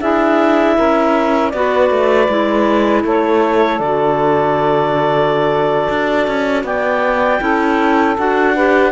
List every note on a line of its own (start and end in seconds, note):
0.00 0.77 D4
0.00 1.53 E4
0.00 0.76 G#4
0.00 1.50 E5
0.76 1.53 C#4
0.76 1.52 A#4
1.50 1.90 B3
1.50 2.29 F#4
1.50 3.02 D5
1.56 3.03 B4
1.90 2.28 A3
2.28 3.04 G#3
2.28 3.80 E4
3.03 3.80 A3
3.03 6.64 A4
3.03 3.79 C#5
3.79 5.88 D3
3.79 7.40 F#4
3.79 6.64 D5
5.89 6.27 D4
6.27 6.64 C#4
6.64 7.40 B3
6.64 7.41 D5
6.64 8.17 G5
7.40 8.17 C#4
7.40 8.16 E4
7.40 8.54 A4
8.17 8.92 D4
8.17 8.55 F#4
8.17 8.92 F#5
8.54 8.92 G4
8.54 8.92 B4